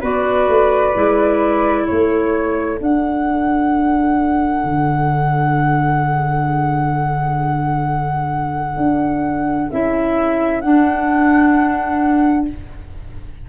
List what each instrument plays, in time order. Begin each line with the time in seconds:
0.00 tuba B3, clarinet F#4, flute B4 D5
0.47 tuba A3
0.93 tuba G#3, clarinet E4
1.83 flute A4 C#5
1.90 tuba A3
2.78 clarinet D4, tuba D4, flute F#5
4.63 tuba D3
8.76 tuba D4
9.71 tuba C#4, clarinet E4, flute E5
10.61 clarinet D4, tuba D4, flute F#5